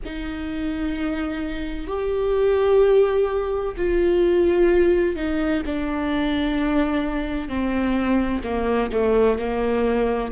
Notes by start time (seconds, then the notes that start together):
0.04 D#4
1.87 G4
3.76 F4
5.16 D#4
5.65 D4
7.48 C4
8.43 A#3
8.91 A3
9.38 A#3